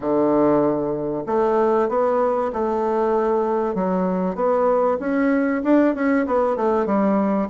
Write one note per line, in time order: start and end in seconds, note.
0.00 1.24 D3
1.26 1.88 A3
1.89 2.51 B3
2.52 3.74 A3
3.74 4.35 F#3
4.35 4.97 B3
4.99 5.62 C#4
5.63 5.94 D4
5.94 6.26 C#4
6.26 6.56 B3
6.56 6.86 A3
6.86 7.48 G3